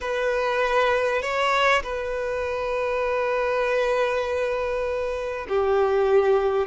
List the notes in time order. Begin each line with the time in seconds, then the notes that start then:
0.00 B4
1.21 C#5
1.83 B4
5.48 G4